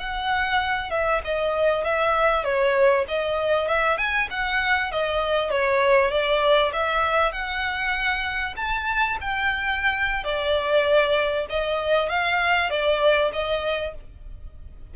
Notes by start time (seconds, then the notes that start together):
0.00 F#5
0.91 E5
1.25 D#5
1.85 E5
2.44 C#5
3.08 D#5
3.68 E5
3.98 G#5
4.31 F#5
4.92 D#5
5.51 C#5
6.11 D5
6.73 E5
7.32 F#5
8.57 A5
9.21 G5
10.24 D5
11.50 D#5
12.09 F5
12.70 D5
13.33 D#5